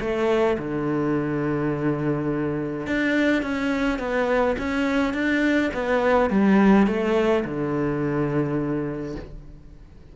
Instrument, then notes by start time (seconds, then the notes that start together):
cello
0.00 A3
0.58 D3
2.87 D4
3.42 C#4
3.99 B3
4.58 C#4
5.14 D4
5.74 B3
6.30 G3
6.87 A3
7.44 D3